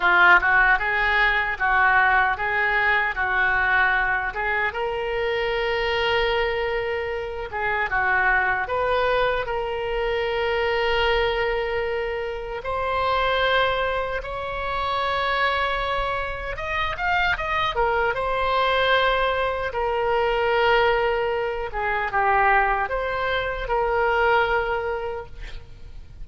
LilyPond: \new Staff \with { instrumentName = "oboe" } { \time 4/4 \tempo 4 = 76 f'8 fis'8 gis'4 fis'4 gis'4 | fis'4. gis'8 ais'2~ | ais'4. gis'8 fis'4 b'4 | ais'1 |
c''2 cis''2~ | cis''4 dis''8 f''8 dis''8 ais'8 c''4~ | c''4 ais'2~ ais'8 gis'8 | g'4 c''4 ais'2 | }